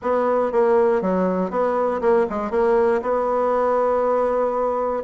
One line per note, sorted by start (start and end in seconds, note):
0.02 0.52 B3
0.52 1.01 A#3
1.01 1.50 F#3
1.50 2.00 B3
2.01 2.26 A#3
2.29 2.50 G#3
2.50 3.01 A#3
3.02 5.03 B3